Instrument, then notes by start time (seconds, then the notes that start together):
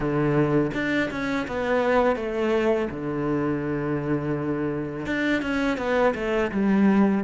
cello
0.00 D3
0.74 D4
1.10 C#4
1.47 B3
2.16 A3
2.90 D3
5.06 D4
5.42 C#4
5.77 B3
6.14 A3
6.51 G3